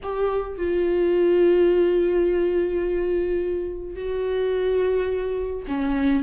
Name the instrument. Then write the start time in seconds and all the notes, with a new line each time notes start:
viola
0.02 G4
0.57 F4
3.95 F#4
5.67 C#4